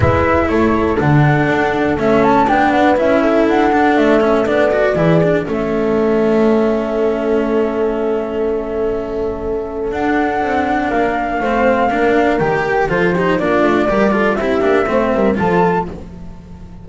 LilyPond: <<
  \new Staff \with { instrumentName = "flute" } { \time 4/4 \tempo 4 = 121 e''4 cis''4 fis''2 | e''8 a''8 g''8 fis''8 e''4 fis''4 | e''4 d''2 e''4~ | e''1~ |
e''1 | fis''2 f''2~ | f''4 g''4 c''4 d''4~ | d''4 e''2 a''4 | }
  \new Staff \with { instrumentName = "horn" } { \time 4/4 b'4 a'2.~ | a'4 b'4. a'4.~ | a'2 gis'4 a'4~ | a'1~ |
a'1~ | a'2 ais'4 c''4 | ais'2 a'8 g'8 f'4 | ais'8 a'8 g'4 c''8 ais'8 a'4 | }
  \new Staff \with { instrumentName = "cello" } { \time 4/4 e'2 d'2 | cis'4 d'4 e'4. d'8~ | d'8 cis'8 d'8 fis'8 e'8 d'8 cis'4~ | cis'1~ |
cis'1 | d'2. c'4 | d'4 g'4 f'8 dis'8 d'4 | g'8 f'8 e'8 d'8 c'4 f'4 | }
  \new Staff \with { instrumentName = "double bass" } { \time 4/4 gis4 a4 d4 d'4 | a4 b4 cis'4 d'4 | a4 b4 e4 a4~ | a1~ |
a1 | d'4 c'4 ais4 a4 | ais4 dis4 f4 ais8 a8 | g4 c'8 ais8 a8 g8 f4 | }
>>